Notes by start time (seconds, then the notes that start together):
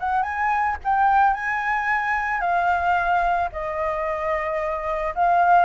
0.00 F#5
0.23 G#5
0.85 G5
1.34 G#5
2.41 F5
3.52 D#5
5.15 F5